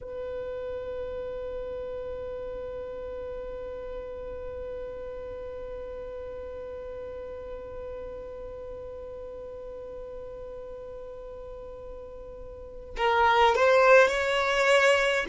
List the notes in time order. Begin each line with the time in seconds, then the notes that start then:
0.01 B4
12.97 A#4
13.55 C5
14.07 C#5